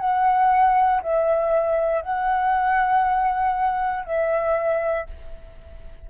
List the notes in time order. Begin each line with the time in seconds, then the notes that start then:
0.00 F#5
1.03 E5
2.02 F#5
4.05 E5